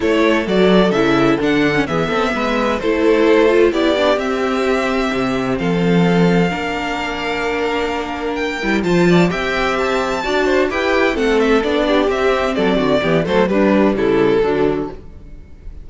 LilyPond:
<<
  \new Staff \with { instrumentName = "violin" } { \time 4/4 \tempo 4 = 129 cis''4 d''4 e''4 fis''4 | e''2 c''2 | d''4 e''2. | f''1~ |
f''2 g''4 a''4 | g''4 a''2 g''4 | fis''8 e''8 d''4 e''4 d''4~ | d''8 c''8 b'4 a'2 | }
  \new Staff \with { instrumentName = "violin" } { \time 4/4 a'1 | gis'8 a'8 b'4 a'2 | g'1 | a'2 ais'2~ |
ais'2. c''8 d''8 | e''2 d''8 c''8 b'4 | a'4. g'4. a'8 fis'8 | g'8 a'8 d'4 e'4 d'4 | }
  \new Staff \with { instrumentName = "viola" } { \time 4/4 e'4 fis'4 e'4 d'8. cis'16 | b2 e'4. f'8 | e'8 d'8 c'2.~ | c'2 d'2~ |
d'2~ d'8 e'8 f'4 | g'2 fis'4 g'4 | c'4 d'4 c'2 | b8 a8 g2 fis4 | }
  \new Staff \with { instrumentName = "cello" } { \time 4/4 a4 fis4 cis4 d4 | e8 c'8 gis4 a2 | b4 c'2 c4 | f2 ais2~ |
ais2~ ais8 g8 f4 | c'2 d'4 e'4 | a4 b4 c'4 fis8 d8 | e8 fis8 g4 cis4 d4 | }
>>